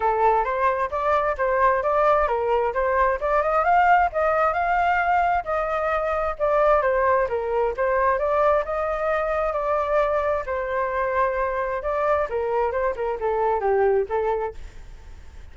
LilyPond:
\new Staff \with { instrumentName = "flute" } { \time 4/4 \tempo 4 = 132 a'4 c''4 d''4 c''4 | d''4 ais'4 c''4 d''8 dis''8 | f''4 dis''4 f''2 | dis''2 d''4 c''4 |
ais'4 c''4 d''4 dis''4~ | dis''4 d''2 c''4~ | c''2 d''4 ais'4 | c''8 ais'8 a'4 g'4 a'4 | }